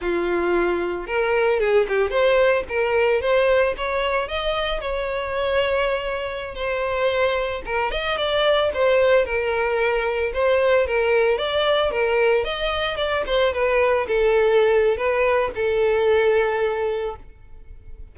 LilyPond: \new Staff \with { instrumentName = "violin" } { \time 4/4 \tempo 4 = 112 f'2 ais'4 gis'8 g'8 | c''4 ais'4 c''4 cis''4 | dis''4 cis''2.~ | cis''16 c''2 ais'8 dis''8 d''8.~ |
d''16 c''4 ais'2 c''8.~ | c''16 ais'4 d''4 ais'4 dis''8.~ | dis''16 d''8 c''8 b'4 a'4.~ a'16 | b'4 a'2. | }